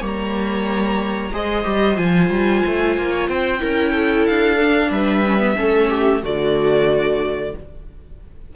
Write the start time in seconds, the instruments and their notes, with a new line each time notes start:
0.00 cello G3, viola A#3 C#5
0.06 violin A#5
1.32 cello G#3, viola G#4 C5, violin D#5
1.64 cello G3, viola G4
1.95 cello F3, viola F4, violin G#5
2.29 cello G3
2.65 cello A3
2.97 cello A#3
3.11 viola C#5
3.29 cello C4, viola C5, violin G5
3.59 cello C#4, viola E4 A#4
3.92 viola A4
4.26 cello D4, violin F5
4.60 viola D4
4.90 cello G3, viola B4, violin E5
5.26 viola C#4
5.39 viola B3
5.56 cello A3, viola C#4 A4
5.89 viola G4
6.22 cello D3, viola A3 F#4, violin D5